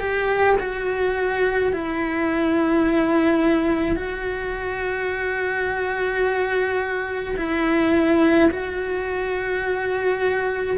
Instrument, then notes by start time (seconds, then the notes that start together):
cello
0.00 G4
0.60 F#4
1.73 E4
3.96 F#4
7.37 E4
8.51 F#4